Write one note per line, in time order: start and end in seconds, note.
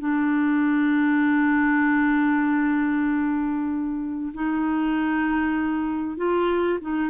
0.00 4.33 D4
4.34 6.17 D#4
6.17 6.79 F4
6.82 7.11 D#4